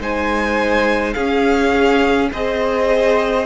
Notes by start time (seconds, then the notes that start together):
0.00 G#3 D#4 C5 G#5
1.13 C#4 G#4 F5
2.31 C4 G#4 C5 D#5